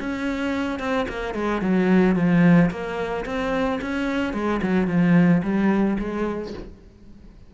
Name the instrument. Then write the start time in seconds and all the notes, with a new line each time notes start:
cello
0.00 C#4
0.80 C4
1.09 A#3
1.34 G#3
1.62 F#3
2.16 F3
2.71 A#3
3.26 C4
3.82 C#4
4.34 G#3
4.63 F#3
4.87 F3
5.43 G3
5.99 G#3